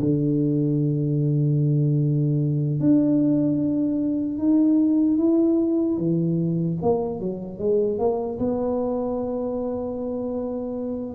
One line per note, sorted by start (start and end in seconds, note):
0.00 2.80 D3
2.80 4.38 D4
4.38 5.18 D#4
5.18 5.97 E4
5.97 6.77 E3
6.82 7.20 A#3
7.20 7.59 F#3
7.59 7.99 G#3
7.99 8.39 A#3
8.39 11.15 B3